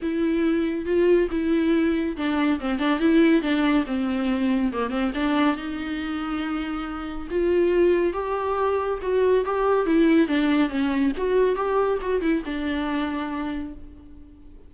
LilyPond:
\new Staff \with { instrumentName = "viola" } { \time 4/4 \tempo 4 = 140 e'2 f'4 e'4~ | e'4 d'4 c'8 d'8 e'4 | d'4 c'2 ais8 c'8 | d'4 dis'2.~ |
dis'4 f'2 g'4~ | g'4 fis'4 g'4 e'4 | d'4 cis'4 fis'4 g'4 | fis'8 e'8 d'2. | }